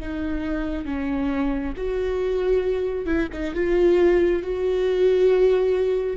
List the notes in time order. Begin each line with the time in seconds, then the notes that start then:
0.00 D#4
0.85 C#4
1.77 F#4
3.06 E4
3.32 D#4
3.55 F4
4.43 F#4